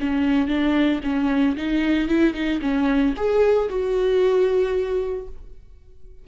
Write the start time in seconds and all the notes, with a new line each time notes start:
0.00 C#4
0.48 D4
1.03 C#4
1.56 D#4
2.08 E4
2.33 D#4
2.61 C#4
3.16 G#4
3.69 F#4